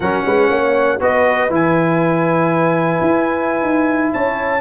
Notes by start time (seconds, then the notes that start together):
0.00 F#3 C#4 A#4 F#5
0.26 G#3 B4
0.48 A#3 C#5
0.99 B3 F#4 B4 D#5
1.49 E3 E4 G#5
3.01 E4
3.61 D#4
4.12 C#4 C#5 A5